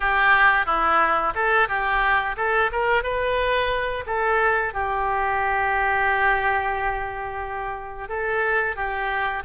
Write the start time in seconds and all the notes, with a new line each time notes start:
0.00 G4
0.66 E4
1.35 A4
1.68 G4
2.37 A4
2.72 A#4
3.03 B4
4.06 A4
4.73 G4
8.08 A4
8.75 G4